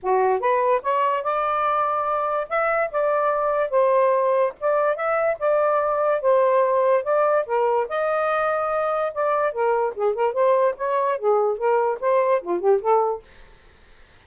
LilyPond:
\new Staff \with { instrumentName = "saxophone" } { \time 4/4 \tempo 4 = 145 fis'4 b'4 cis''4 d''4~ | d''2 e''4 d''4~ | d''4 c''2 d''4 | e''4 d''2 c''4~ |
c''4 d''4 ais'4 dis''4~ | dis''2 d''4 ais'4 | gis'8 ais'8 c''4 cis''4 gis'4 | ais'4 c''4 f'8 g'8 a'4 | }